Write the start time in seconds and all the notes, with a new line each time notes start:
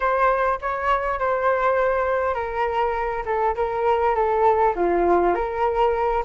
0.00 C5
0.61 C#5
1.19 C5
2.34 A#4
3.25 A4
3.55 A#4
4.15 A4
4.75 F4
5.34 A#4